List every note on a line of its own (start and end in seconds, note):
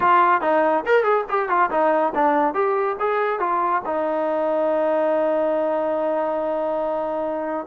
0.00 0.41 F4
0.41 0.84 D#4
0.85 1.03 A#4
1.03 1.25 G#4
1.29 1.49 G4
1.49 1.70 F4
1.70 2.13 D#4
2.15 2.53 D4
2.53 2.96 G4
2.99 3.39 G#4
3.39 3.82 F4
3.85 7.66 D#4